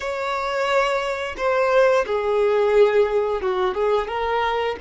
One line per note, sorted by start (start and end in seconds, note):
0.00 1.35 C#5
1.37 2.05 C5
2.06 3.41 G#4
3.41 3.74 F#4
3.74 4.07 G#4
4.07 4.75 A#4